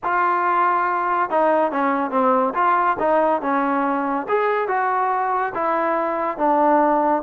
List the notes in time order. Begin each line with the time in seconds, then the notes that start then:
0.03 F4
1.30 D#4
1.71 C#4
2.11 C4
2.54 F4
2.99 D#4
3.41 C#4
4.28 G#4
4.68 F#4
5.54 E4
6.37 D4